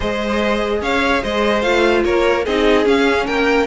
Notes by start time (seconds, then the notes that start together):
0.00 G#3 G#4 C5 D#5
0.81 C#4 C#5 F5
1.22 G#3 C5 D#5
1.61 A3 F4 F5
2.04 A#3 A#4 C#5
2.45 C4 D#4 G#4 D#5
2.85 C#4 F5
3.26 A#3 A#4 G5